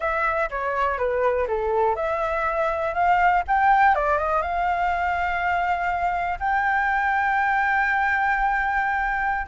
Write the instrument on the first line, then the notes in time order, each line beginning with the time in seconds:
flute
0.00 E5
0.50 C#5
0.98 B4
1.47 A4
1.95 E5
2.94 F5
3.47 G5
3.95 D5
4.18 D#5
4.42 F5
6.39 G5